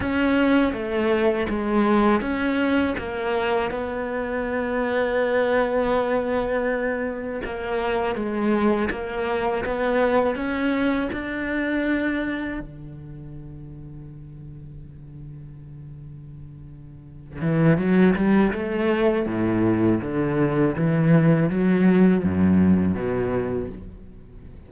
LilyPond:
\new Staff \with { instrumentName = "cello" } { \time 4/4 \tempo 4 = 81 cis'4 a4 gis4 cis'4 | ais4 b2.~ | b2 ais4 gis4 | ais4 b4 cis'4 d'4~ |
d'4 d2.~ | d2.~ d8 e8 | fis8 g8 a4 a,4 d4 | e4 fis4 fis,4 b,4 | }